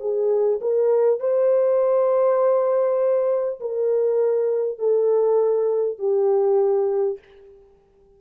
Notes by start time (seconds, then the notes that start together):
0.00 G#4
0.61 A#4
1.20 C5
3.61 A#4
4.79 A4
5.99 G4